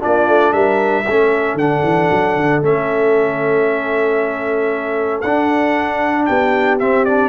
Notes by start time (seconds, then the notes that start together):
0.00 A#3 D4 F4 D5
0.28 A3
0.53 G3 A#4 E5
1.05 A3 C#4 A4
1.54 D3 D4 F#5
1.84 E3
2.11 F#3
2.37 D3
2.62 A3 C#4 E5
5.22 D4 F#5
6.26 B3 G4 G5
6.80 C4 E5
7.05 D4 D5